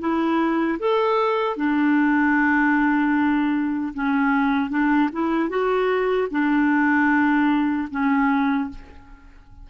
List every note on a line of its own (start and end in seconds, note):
0.00 0.79 E4
0.80 1.56 A4
1.56 3.93 D4
3.94 4.70 C#4
4.70 5.10 D4
5.12 5.49 E4
5.49 6.28 F#4
6.31 7.89 D4
7.91 8.70 C#4